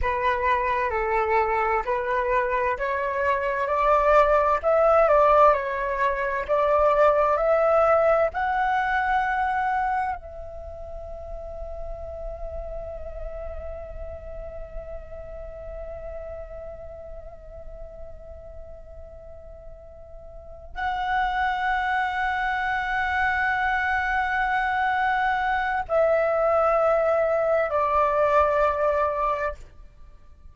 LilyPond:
\new Staff \with { instrumentName = "flute" } { \time 4/4 \tempo 4 = 65 b'4 a'4 b'4 cis''4 | d''4 e''8 d''8 cis''4 d''4 | e''4 fis''2 e''4~ | e''1~ |
e''1~ | e''2~ e''8 fis''4.~ | fis''1 | e''2 d''2 | }